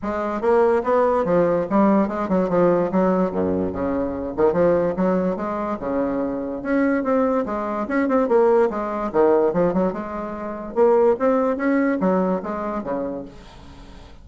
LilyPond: \new Staff \with { instrumentName = "bassoon" } { \time 4/4 \tempo 4 = 145 gis4 ais4 b4 f4 | g4 gis8 fis8 f4 fis4 | fis,4 cis4. dis8 f4 | fis4 gis4 cis2 |
cis'4 c'4 gis4 cis'8 c'8 | ais4 gis4 dis4 f8 fis8 | gis2 ais4 c'4 | cis'4 fis4 gis4 cis4 | }